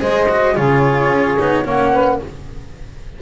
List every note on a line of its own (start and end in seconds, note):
0.00 0.57 G#3
0.00 0.28 G#4
0.00 0.56 C5
0.00 0.56 D#5
0.29 0.56 F#4
0.56 1.10 C#3
0.56 1.38 F4
0.56 1.64 G#4
0.56 1.67 C#5
1.10 1.37 C#4
1.40 1.66 B3
1.40 1.65 D#4
1.64 2.21 A#3
1.64 2.20 C#4
1.64 1.92 C#5
1.64 2.22 F#5
1.92 2.20 B4